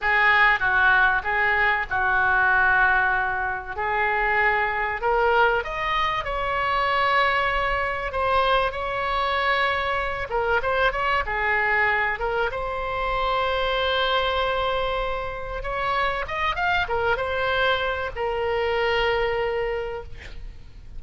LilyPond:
\new Staff \with { instrumentName = "oboe" } { \time 4/4 \tempo 4 = 96 gis'4 fis'4 gis'4 fis'4~ | fis'2 gis'2 | ais'4 dis''4 cis''2~ | cis''4 c''4 cis''2~ |
cis''8 ais'8 c''8 cis''8 gis'4. ais'8 | c''1~ | c''4 cis''4 dis''8 f''8 ais'8 c''8~ | c''4 ais'2. | }